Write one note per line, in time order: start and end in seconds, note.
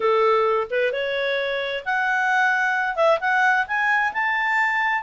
0.00 0.67 A4
0.70 0.92 B4
0.92 1.84 C#5
1.85 2.95 F#5
2.95 3.18 E5
3.20 3.66 F#5
3.67 4.12 G#5
4.13 5.03 A5